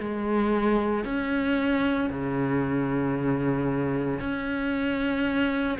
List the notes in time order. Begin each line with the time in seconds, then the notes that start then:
0.00 G#3
1.04 C#4
2.10 C#3
4.20 C#4